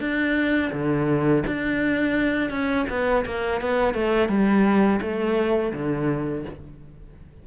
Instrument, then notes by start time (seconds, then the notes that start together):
cello
0.00 D4
0.72 D3
1.46 D4
2.50 C#4
2.90 B3
3.25 A#3
3.61 B3
3.94 A3
4.29 G3
5.01 A3
5.73 D3